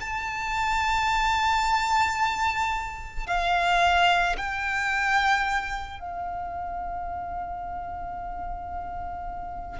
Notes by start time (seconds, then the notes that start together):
0.00 A5
3.27 F5
4.37 G5
6.00 F5